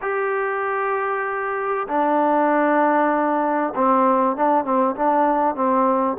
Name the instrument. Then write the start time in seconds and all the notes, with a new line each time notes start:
trombone
0.01 G4
1.88 D4
3.75 C4
4.36 D4
4.64 C4
4.95 D4
5.55 C4